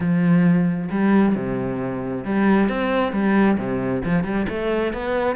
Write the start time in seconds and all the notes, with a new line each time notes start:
0.00 F3
0.90 G3
1.35 C3
2.24 G3
2.68 C4
3.12 G3
3.57 C3
4.04 F3
4.24 G3
4.48 A3
4.93 B3